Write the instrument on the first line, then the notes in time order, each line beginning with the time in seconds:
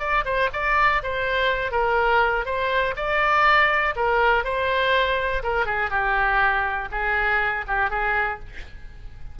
oboe
0.00 D5
0.25 C5
0.53 D5
1.04 C5
1.72 A#4
2.46 C5
2.97 D5
3.96 A#4
4.45 C5
5.44 A#4
5.66 G#4
5.91 G4
6.92 G#4
7.68 G4
7.91 G#4